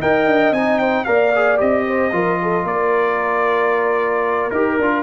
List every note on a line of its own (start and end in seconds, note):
0.00 0.26 D#4
0.00 0.55 A#4
0.00 0.80 D#5
0.00 0.53 G5
0.26 0.51 D4
0.51 1.04 C4
0.51 1.06 D#4
0.51 0.79 G#5
0.79 1.06 C5
0.79 1.05 G5
1.05 1.61 A#3
1.05 1.33 A#4
1.05 1.86 D5
1.05 1.58 F5
1.36 1.58 G#4
1.58 2.13 C4
1.58 2.11 G4
1.58 2.67 D#5
1.87 2.14 C5
2.13 2.64 F3
2.13 4.52 F4
2.13 2.40 A#4
2.42 2.64 A4
2.64 4.50 A#3
2.64 5.03 A#4
2.64 4.51 D5
4.51 4.78 D#4
4.51 4.81 G4
4.51 5.03 A#4
4.79 5.03 D4
4.79 5.03 F4